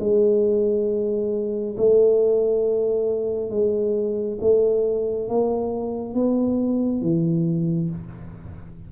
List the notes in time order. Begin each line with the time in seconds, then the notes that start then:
0.00 G#3
1.77 A3
3.50 G#3
4.41 A3
5.29 A#3
6.14 B3
7.02 E3